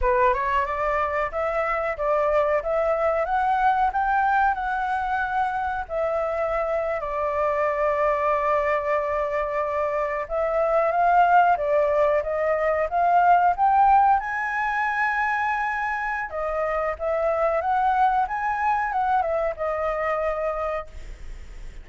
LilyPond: \new Staff \with { instrumentName = "flute" } { \time 4/4 \tempo 4 = 92 b'8 cis''8 d''4 e''4 d''4 | e''4 fis''4 g''4 fis''4~ | fis''4 e''4.~ e''16 d''4~ d''16~ | d''2.~ d''8. e''16~ |
e''8. f''4 d''4 dis''4 f''16~ | f''8. g''4 gis''2~ gis''16~ | gis''4 dis''4 e''4 fis''4 | gis''4 fis''8 e''8 dis''2 | }